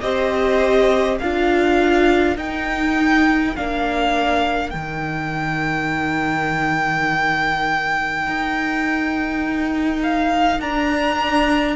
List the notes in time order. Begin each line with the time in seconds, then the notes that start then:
0.00 C4 G4 C5 D#5
1.18 D4 F4 A#4 F5
2.36 D#4 G5
3.56 A#3 D4 F5
4.70 D#3 D#4 G5
8.26 D#4
10.03 F5
10.59 D4 A#5